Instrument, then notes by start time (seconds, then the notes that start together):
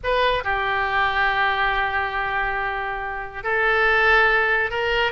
oboe
0.03 B4
0.44 G4
3.43 A4
4.70 A#4